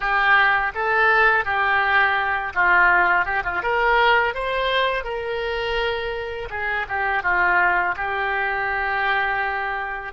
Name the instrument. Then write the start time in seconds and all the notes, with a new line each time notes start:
oboe
0.00 G4
0.74 A4
1.44 G4
2.54 F4
3.25 G4
3.43 F4
3.62 A#4
4.34 C5
5.04 A#4
6.50 G#4
6.88 G4
7.23 F4
7.96 G4